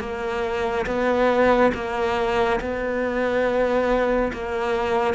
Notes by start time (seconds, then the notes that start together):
0.00 A#3
0.86 B3
1.74 A#3
2.61 B3
4.33 A#3